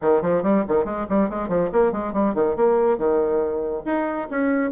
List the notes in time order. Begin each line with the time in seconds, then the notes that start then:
0.01 D#3
0.21 F3
0.42 G3
0.68 D#3
0.85 G#3
1.09 G3
1.29 G#3
1.48 F3
1.72 A#3
1.92 G#3
2.13 G3
2.34 D#3
2.56 A#3
2.97 D#3
3.85 D#4
4.30 C#4